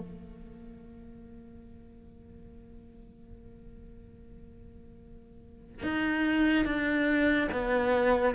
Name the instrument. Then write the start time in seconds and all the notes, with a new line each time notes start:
cello
0.00 A#3
5.83 D#4
6.65 D4
7.52 B3